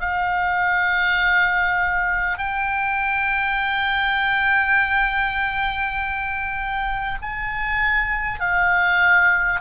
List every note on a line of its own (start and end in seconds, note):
0.00 2.38 F5
2.38 7.18 G5
7.22 8.40 G#5
8.40 9.60 F5